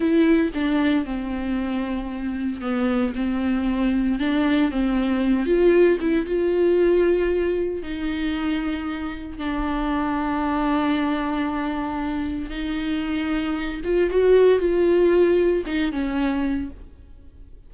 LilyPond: \new Staff \with { instrumentName = "viola" } { \time 4/4 \tempo 4 = 115 e'4 d'4 c'2~ | c'4 b4 c'2 | d'4 c'4. f'4 e'8 | f'2. dis'4~ |
dis'2 d'2~ | d'1 | dis'2~ dis'8 f'8 fis'4 | f'2 dis'8 cis'4. | }